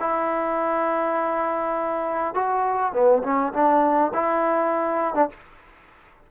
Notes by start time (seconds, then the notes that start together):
0.00 E4
2.34 F#4
2.93 B3
3.24 C#4
3.53 D4
4.14 E4
5.15 D4